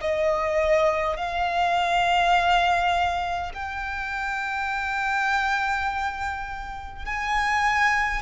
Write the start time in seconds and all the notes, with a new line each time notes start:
0.00 D#5
1.16 F5
3.53 G5
7.05 G#5